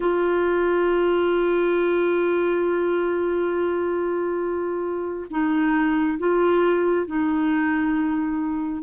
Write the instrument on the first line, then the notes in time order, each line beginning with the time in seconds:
clarinet
0.00 F4
5.30 D#4
6.18 F4
7.06 D#4